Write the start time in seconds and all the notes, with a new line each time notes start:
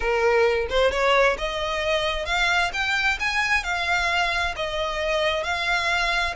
0.00 A#4
0.69 C5
0.91 C#5
1.38 D#5
2.25 F5
2.73 G5
3.19 G#5
3.63 F5
4.56 D#5
5.43 F5